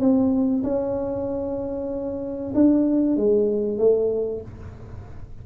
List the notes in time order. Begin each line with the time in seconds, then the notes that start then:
0.00 C4
0.64 C#4
2.55 D4
3.17 G#3
3.78 A3